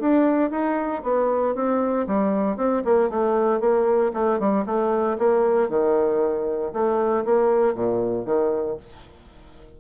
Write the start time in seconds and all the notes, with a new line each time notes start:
0.00 D4
0.51 D#4
1.03 B3
1.55 C4
2.07 G3
2.57 C4
2.85 A#3
3.09 A3
3.60 A#3
4.14 A3
4.39 G3
4.66 A3
5.18 A#3
5.69 D#3
6.73 A3
7.25 A#3
7.74 A#2
8.25 D#3